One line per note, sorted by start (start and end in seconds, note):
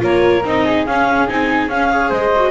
0.00 0.45 A#3
0.00 0.42 F4
0.00 0.65 A#4
0.00 0.46 C#5
0.45 0.87 C4
0.45 0.87 D#4
0.45 0.86 D#5
0.65 1.91 G#4
0.86 1.28 C#4
0.86 1.29 C#4
0.86 1.28 F5
1.28 1.69 C4
1.28 1.70 D#4
1.28 1.70 G#5
1.69 2.10 C#4
1.69 1.91 C#4
1.69 2.12 F5
1.91 2.33 G#4
1.91 2.09 C#5
2.09 2.52 G#3
2.09 2.51 C5
2.09 2.52 D#5
2.36 2.52 F#4